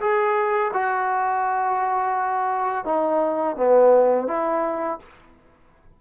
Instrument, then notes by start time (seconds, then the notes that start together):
trombone
0.00 G#4
0.73 F#4
2.85 D#4
3.56 B3
4.28 E4